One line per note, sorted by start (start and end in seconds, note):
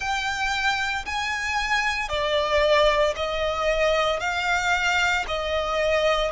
0.00 1.05 G5
1.05 2.08 G#5
2.08 3.13 D5
3.16 4.20 D#5
4.20 5.25 F5
5.27 6.31 D#5